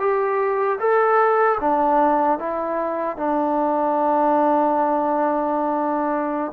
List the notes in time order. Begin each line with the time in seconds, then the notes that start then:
0.00 G4
0.80 A4
1.61 D4
2.39 E4
3.17 D4